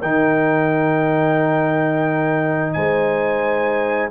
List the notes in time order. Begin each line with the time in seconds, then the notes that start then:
0.00 D#3 D#4 A#4 G5
2.73 G#3 C5 G#5